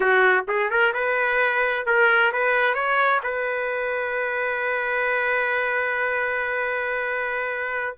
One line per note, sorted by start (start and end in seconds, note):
0.00 0.44 F#4
0.48 0.70 G#4
0.70 0.93 A#4
0.93 1.85 B4
1.85 2.32 A#4
2.32 2.74 B4
2.74 3.20 C#5
3.23 7.96 B4